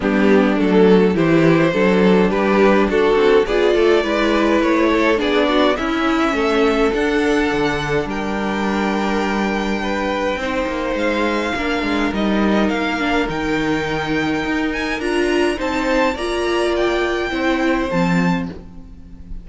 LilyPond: <<
  \new Staff \with { instrumentName = "violin" } { \time 4/4 \tempo 4 = 104 g'4 a'4 c''2 | b'4 a'4 d''2 | cis''4 d''4 e''2 | fis''2 g''2~ |
g''2. f''4~ | f''4 dis''4 f''4 g''4~ | g''4. gis''8 ais''4 a''4 | ais''4 g''2 a''4 | }
  \new Staff \with { instrumentName = "violin" } { \time 4/4 d'2 g'4 a'4 | g'4 fis'4 gis'8 a'8 b'4~ | b'8 a'8 gis'8 fis'8 e'4 a'4~ | a'2 ais'2~ |
ais'4 b'4 c''2 | ais'1~ | ais'2. c''4 | d''2 c''2 | }
  \new Staff \with { instrumentName = "viola" } { \time 4/4 b4 a4 e'4 d'4~ | d'2 f'4 e'4~ | e'4 d'4 cis'2 | d'1~ |
d'2 dis'2 | d'4 dis'4. d'8 dis'4~ | dis'2 f'4 dis'4 | f'2 e'4 c'4 | }
  \new Staff \with { instrumentName = "cello" } { \time 4/4 g4 fis4 e4 fis4 | g4 d'8 c'8 b8 a8 gis4 | a4 b4 cis'4 a4 | d'4 d4 g2~ |
g2 c'8 ais8 gis4 | ais8 gis8 g4 ais4 dis4~ | dis4 dis'4 d'4 c'4 | ais2 c'4 f4 | }
>>